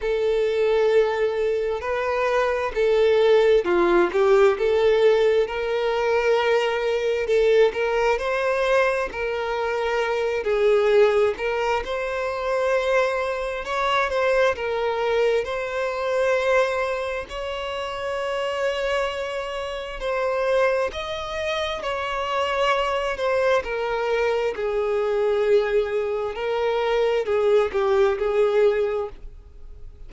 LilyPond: \new Staff \with { instrumentName = "violin" } { \time 4/4 \tempo 4 = 66 a'2 b'4 a'4 | f'8 g'8 a'4 ais'2 | a'8 ais'8 c''4 ais'4. gis'8~ | gis'8 ais'8 c''2 cis''8 c''8 |
ais'4 c''2 cis''4~ | cis''2 c''4 dis''4 | cis''4. c''8 ais'4 gis'4~ | gis'4 ais'4 gis'8 g'8 gis'4 | }